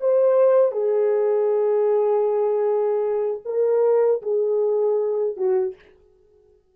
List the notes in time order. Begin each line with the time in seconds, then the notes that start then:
0.00 C5
0.72 G#4
3.45 A#4
4.22 G#4
5.36 F#4